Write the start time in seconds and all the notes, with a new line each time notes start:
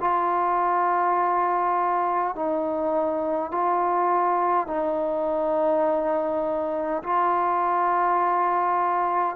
0.00 F4
2.35 D#4
3.51 F4
4.67 D#4
7.03 F4